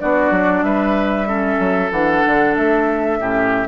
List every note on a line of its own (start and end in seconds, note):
0.00 0.31 B3
0.00 1.27 D4
0.00 0.65 F#4
0.00 0.63 D5
0.31 0.63 F#3
0.63 1.59 G3
0.63 1.28 B4
0.63 1.91 E5
1.27 1.91 C#4
1.27 3.20 A4
1.59 1.91 F#3
1.91 2.23 E3
1.91 3.21 D4
1.91 2.56 F#5
2.27 2.57 D3
2.57 3.20 A3
2.57 3.68 E5
3.20 3.68 A2
3.20 3.68 C#4
3.20 3.68 G4